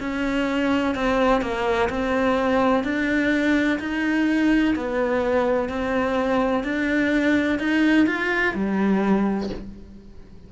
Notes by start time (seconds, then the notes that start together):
0.00 C#4
0.95 C4
1.42 A#3
1.90 C4
2.84 D4
3.80 D#4
4.76 B3
5.69 C4
6.64 D4
7.59 D#4
8.06 F4
8.55 G3